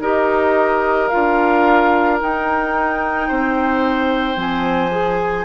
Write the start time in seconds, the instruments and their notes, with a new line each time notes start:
0.00 bassoon D#4, clarinet G4, oboe A#4, flute D#5
1.09 clarinet F4, flute F5
1.15 bassoon D4
2.20 clarinet D#4, bassoon D#4, flute G5
3.28 bassoon C4, oboe C5
4.35 bassoon F3, clarinet C4, flute G#5
4.91 clarinet G#4